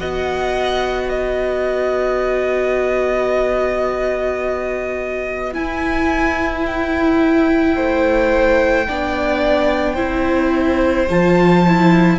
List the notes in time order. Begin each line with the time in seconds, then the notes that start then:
0.00 B3 F#4 D#5 F#5
1.07 B4 D#5
5.53 E4 G#5
6.66 G5
7.76 A3 C5
8.87 B3 D4 D5
9.94 C4 E4 C5
11.10 F3 F4 A5
11.67 E4